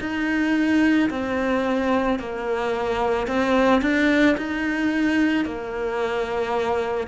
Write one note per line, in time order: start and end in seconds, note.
0.00 1.09 D#4
1.10 2.19 C4
2.19 3.27 A#3
3.27 3.81 C4
3.81 4.36 D4
4.37 5.45 D#4
5.45 7.07 A#3